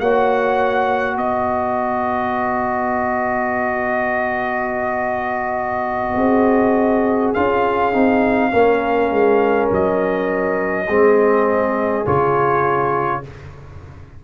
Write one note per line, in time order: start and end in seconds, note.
0.00 1.17 A#3
0.00 7.36 F#4
0.00 1.17 C#5
0.00 1.18 F#5
1.17 6.15 B3
1.17 6.15 B4
1.17 7.34 D#5
6.15 7.33 C4
6.15 8.50 G#4
7.34 7.94 C#4
7.34 7.93 F4
7.34 9.69 F5
7.93 8.53 C4
7.93 8.52 D#4
8.52 9.11 A#3
8.52 10.87 C#4
8.52 10.87 A#4
9.11 9.70 G#3
9.72 10.88 F#3
9.72 12.07 D#5
10.87 12.06 G#3
10.87 12.06 C4
10.87 13.23 G#4
12.06 13.25 C#3
12.06 13.23 F4
12.06 13.25 C#5